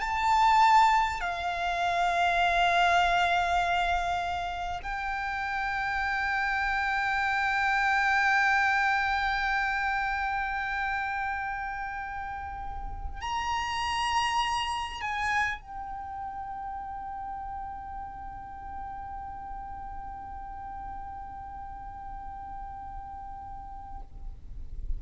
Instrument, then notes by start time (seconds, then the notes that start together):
violin
0.00 A5
1.20 F5
4.82 G5
13.21 A#5
15.01 G#5
15.61 G5